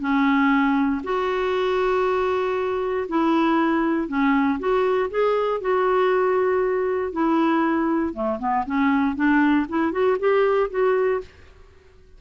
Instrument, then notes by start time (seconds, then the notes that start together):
clarinet
0.00 C#4
1.04 F#4
3.09 E4
4.08 C#4
4.59 F#4
5.10 G#4
5.61 F#4
7.12 E4
8.14 A3
8.39 B3
8.66 C#4
9.15 D4
9.69 E4
9.92 F#4
10.19 G4
10.70 F#4